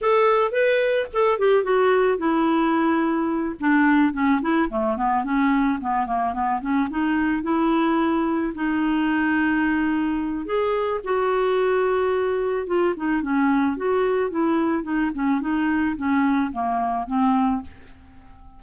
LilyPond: \new Staff \with { instrumentName = "clarinet" } { \time 4/4 \tempo 4 = 109 a'4 b'4 a'8 g'8 fis'4 | e'2~ e'8 d'4 cis'8 | e'8 a8 b8 cis'4 b8 ais8 b8 | cis'8 dis'4 e'2 dis'8~ |
dis'2. gis'4 | fis'2. f'8 dis'8 | cis'4 fis'4 e'4 dis'8 cis'8 | dis'4 cis'4 ais4 c'4 | }